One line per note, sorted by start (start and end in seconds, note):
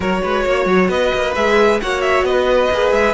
0.00 0.21 F#3
0.00 1.35 F#4
0.00 0.22 A#4
0.00 0.89 C#5
0.22 0.45 G#3
0.22 0.45 B4
0.45 0.65 A#3
0.45 0.90 C#5
0.65 0.88 F#3
0.88 1.11 B3
0.88 1.80 B4
0.88 1.34 D#5
1.14 1.36 A#3
1.35 1.81 G#3
1.35 1.80 G#4
1.35 1.80 E5
1.80 2.23 A#3
1.80 2.72 F#4
1.80 2.27 C#5
1.80 2.01 F#5
2.01 2.23 E5
2.23 2.68 B3
2.23 3.13 B4
2.23 2.92 D#5
2.71 2.91 A#3
2.71 3.13 G#4
2.91 3.13 G#3
2.91 3.13 E5